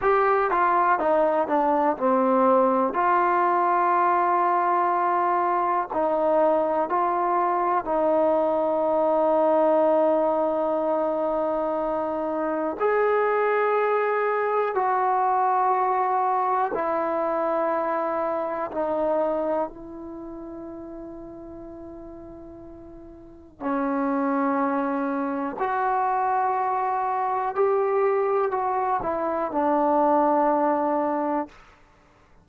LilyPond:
\new Staff \with { instrumentName = "trombone" } { \time 4/4 \tempo 4 = 61 g'8 f'8 dis'8 d'8 c'4 f'4~ | f'2 dis'4 f'4 | dis'1~ | dis'4 gis'2 fis'4~ |
fis'4 e'2 dis'4 | e'1 | cis'2 fis'2 | g'4 fis'8 e'8 d'2 | }